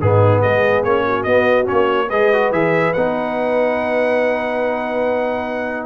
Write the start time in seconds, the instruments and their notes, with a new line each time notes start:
0.00 tuba G#2, trombone B3, horn D#4, trumpet G#4
0.40 tuba G#3, horn G#4, trumpet D#5
0.83 tuba A#3, trombone C#4, trumpet C#5
1.05 horn F#4
1.23 tuba B3, trombone B3, trumpet D#5
1.65 trombone C#4, trumpet C#5
1.71 tuba A#3
2.07 tuba G#3, trombone G#4, horn B4, trumpet D#5
2.33 trombone F#4
2.51 tuba E3, trombone G#4, trumpet E5
2.93 tuba B3, trombone D#4, trumpet F#5